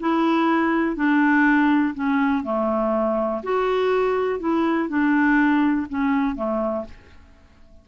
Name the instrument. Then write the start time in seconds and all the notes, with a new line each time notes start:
clarinet
0.00 E4
0.96 D4
1.94 C#4
2.43 A3
3.43 F#4
4.39 E4
4.88 D4
5.89 C#4
6.36 A3